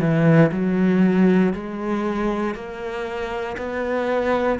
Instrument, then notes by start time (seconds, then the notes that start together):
cello
0.00 E3
0.52 F#3
1.53 G#3
2.55 A#3
3.57 B3